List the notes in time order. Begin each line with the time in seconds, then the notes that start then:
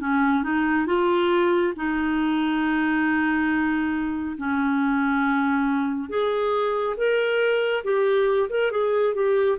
0.00 C#4
0.43 D#4
0.87 F4
1.76 D#4
4.38 C#4
6.09 G#4
6.97 A#4
7.84 G4
8.49 A#4
8.71 G#4
9.15 G4